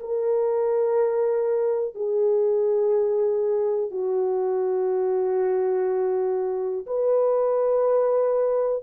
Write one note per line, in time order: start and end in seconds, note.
0.00 1.95 A#4
1.95 3.91 G#4
3.91 6.86 F#4
6.87 8.83 B4